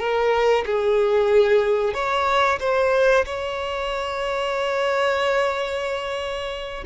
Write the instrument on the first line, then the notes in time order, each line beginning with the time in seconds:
violin
0.00 A#4
0.66 G#4
1.94 C#5
2.60 C5
3.26 C#5